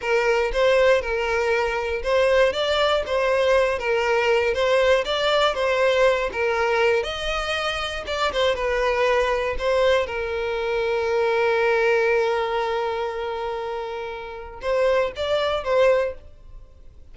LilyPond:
\new Staff \with { instrumentName = "violin" } { \time 4/4 \tempo 4 = 119 ais'4 c''4 ais'2 | c''4 d''4 c''4. ais'8~ | ais'4 c''4 d''4 c''4~ | c''8 ais'4. dis''2 |
d''8 c''8 b'2 c''4 | ais'1~ | ais'1~ | ais'4 c''4 d''4 c''4 | }